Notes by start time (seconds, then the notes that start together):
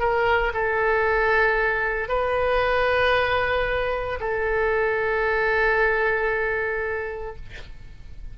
0.00 A#4
0.54 A4
2.09 B4
4.20 A4